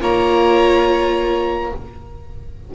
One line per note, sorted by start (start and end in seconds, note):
0.00 1.72 A#3
0.00 1.71 F4
0.00 1.72 C#5
0.00 1.74 A#5